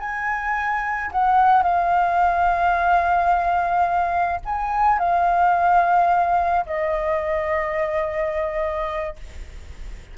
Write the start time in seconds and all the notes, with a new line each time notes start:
0.00 G#5
1.12 F#5
1.63 F5
4.46 G#5
4.99 F5
6.67 D#5